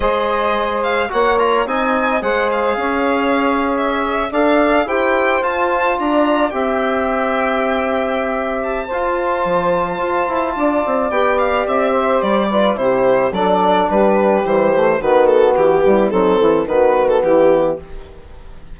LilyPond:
<<
  \new Staff \with { instrumentName = "violin" } { \time 4/4 \tempo 4 = 108 dis''4. f''8 fis''8 ais''8 gis''4 | fis''8 f''2~ f''16 e''4 f''16~ | f''8. g''4 a''4 ais''4 g''16~ | g''2.~ g''8 a''8~ |
a''1 | g''8 f''8 e''4 d''4 c''4 | d''4 b'4 c''4 b'8 a'8 | g'4 a'4 b'8. a'16 g'4 | }
  \new Staff \with { instrumentName = "saxophone" } { \time 4/4 c''2 cis''4 dis''4 | c''4 cis''2~ cis''8. d''16~ | d''8. c''2 d''4 e''16~ | e''1 |
c''2. d''4~ | d''4. c''4 b'8 g'4 | a'4 g'2 fis'4~ | fis'8 e'8 dis'8 e'8 fis'4 e'4 | }
  \new Staff \with { instrumentName = "trombone" } { \time 4/4 gis'2 fis'8 f'8 dis'4 | gis'2.~ gis'8. a'16~ | a'8. g'4 f'2 g'16~ | g'1 |
f'1 | g'2~ g'8 f'8 e'4 | d'2 g8 a8 b4~ | b4 c'4 b2 | }
  \new Staff \with { instrumentName = "bassoon" } { \time 4/4 gis2 ais4 c'4 | gis4 cis'2~ cis'8. d'16~ | d'8. e'4 f'4 d'4 c'16~ | c'1 |
f'4 f4 f'8 e'8 d'8 c'8 | b4 c'4 g4 c4 | fis4 g4 e4 dis4 | e8 g8 fis8 e8 dis4 e4 | }
>>